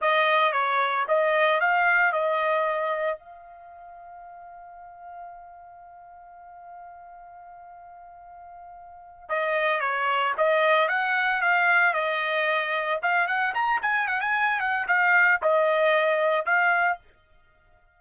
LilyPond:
\new Staff \with { instrumentName = "trumpet" } { \time 4/4 \tempo 4 = 113 dis''4 cis''4 dis''4 f''4 | dis''2 f''2~ | f''1~ | f''1~ |
f''4. dis''4 cis''4 dis''8~ | dis''8 fis''4 f''4 dis''4.~ | dis''8 f''8 fis''8 ais''8 gis''8 fis''16 gis''8. fis''8 | f''4 dis''2 f''4 | }